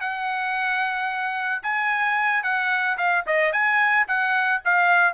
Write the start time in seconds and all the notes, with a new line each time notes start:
0.00 F#5
1.63 G#5
2.43 F#5
2.98 F5
3.26 D#5
3.52 G#5
4.07 F#5
4.65 F5